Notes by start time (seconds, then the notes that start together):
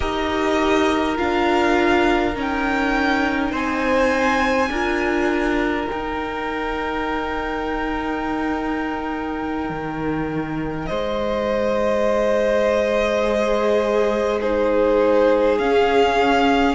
0.00 D#4 G4 A#4 D#5
1.15 D4 F4 F5
2.34 C#4 D#4 G5
3.51 C4 C5 G#5
4.69 D4 F4 A#4
5.88 D#4 G5
9.69 D#3
10.86 G#3 C5 D#5
13.23 G#4
14.40 D#4 G#4 C5
15.58 C#4 F5